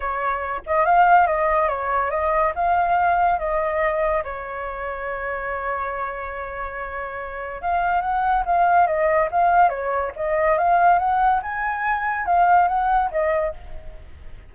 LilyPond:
\new Staff \with { instrumentName = "flute" } { \time 4/4 \tempo 4 = 142 cis''4. dis''8 f''4 dis''4 | cis''4 dis''4 f''2 | dis''2 cis''2~ | cis''1~ |
cis''2 f''4 fis''4 | f''4 dis''4 f''4 cis''4 | dis''4 f''4 fis''4 gis''4~ | gis''4 f''4 fis''4 dis''4 | }